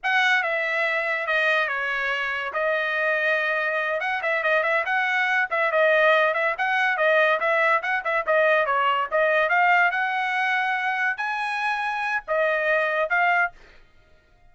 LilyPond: \new Staff \with { instrumentName = "trumpet" } { \time 4/4 \tempo 4 = 142 fis''4 e''2 dis''4 | cis''2 dis''2~ | dis''4. fis''8 e''8 dis''8 e''8 fis''8~ | fis''4 e''8 dis''4. e''8 fis''8~ |
fis''8 dis''4 e''4 fis''8 e''8 dis''8~ | dis''8 cis''4 dis''4 f''4 fis''8~ | fis''2~ fis''8 gis''4.~ | gis''4 dis''2 f''4 | }